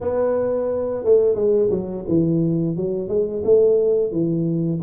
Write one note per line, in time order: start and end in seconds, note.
0.00 1.04 B3
1.04 1.34 A3
1.34 1.69 G#3
1.70 2.04 F#3
2.08 2.76 E3
2.76 3.08 F#3
3.08 3.43 G#3
3.44 4.11 A3
4.11 4.80 E3